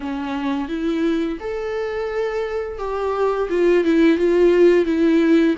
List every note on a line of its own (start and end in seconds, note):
0.00 0.68 C#4
0.68 1.38 E4
1.40 2.78 A4
2.78 3.48 G4
3.49 3.84 F4
3.84 4.17 E4
4.17 4.85 F4
4.85 5.55 E4